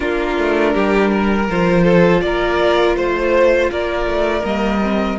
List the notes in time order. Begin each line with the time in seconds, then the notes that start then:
0.00 A#3 D4 F4 A#4
0.37 A3
0.73 G3 G4
1.11 A#4
1.48 F3 F4 C5
1.83 A4
2.21 A#3 A#4 D5
2.96 A3 C5
3.71 A#3 A#4 D5
4.05 A3
4.44 G3 A#3 D#5
4.82 C4